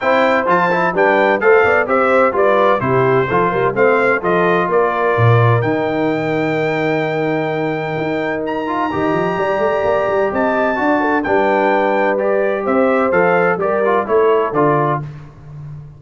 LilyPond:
<<
  \new Staff \with { instrumentName = "trumpet" } { \time 4/4 \tempo 4 = 128 g''4 a''4 g''4 f''4 | e''4 d''4 c''2 | f''4 dis''4 d''2 | g''1~ |
g''2 ais''2~ | ais''2 a''2 | g''2 d''4 e''4 | f''4 d''4 cis''4 d''4 | }
  \new Staff \with { instrumentName = "horn" } { \time 4/4 c''2 b'4 c''8 d''8 | c''4 b'4 g'4 a'8 ais'8 | c''4 a'4 ais'2~ | ais'1~ |
ais'2. dis''4 | d''2 dis''4 d''8 a'8 | b'2. c''4~ | c''4 ais'4 a'2 | }
  \new Staff \with { instrumentName = "trombone" } { \time 4/4 e'4 f'8 e'8 d'4 a'4 | g'4 f'4 e'4 f'4 | c'4 f'2. | dis'1~ |
dis'2~ dis'8 f'8 g'4~ | g'2. fis'4 | d'2 g'2 | a'4 g'8 f'8 e'4 f'4 | }
  \new Staff \with { instrumentName = "tuba" } { \time 4/4 c'4 f4 g4 a8 b8 | c'4 g4 c4 f8 g8 | a4 f4 ais4 ais,4 | dis1~ |
dis4 dis'2 dis8 f8 | g8 a8 ais8 g8 c'4 d'4 | g2. c'4 | f4 g4 a4 d4 | }
>>